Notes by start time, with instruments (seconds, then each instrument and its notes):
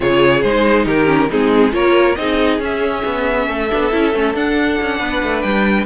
0.00 cello C#3, viola F4, violin G#4 C#5
0.42 cello G#3, viola D#4, violin C5
0.85 cello D#3, violin G4 A#4
1.06 viola C#4
1.30 cello G#3, viola C4, violin D#4 G#4
1.71 cello A#3, viola F4, violin A#4 C#5
2.15 cello C4, viola D#4, violin G#4 D#5
2.59 cello C#4, viola C#4, violin E5
3.05 cello B3
3.48 cello A3, violin A4
3.70 cello B3, viola D4
3.91 cello C#4, viola E4
4.13 cello A3, viola C#4
4.34 cello D4, viola D4, violin F#5
4.81 cello C#4
4.99 cello B3, violin B4
5.23 cello A3
5.41 cello G3, violin G5